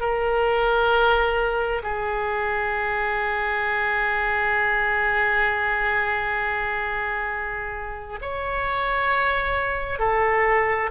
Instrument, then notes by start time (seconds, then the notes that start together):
oboe
0.00 A#4
1.83 G#4
8.21 C#5
9.99 A4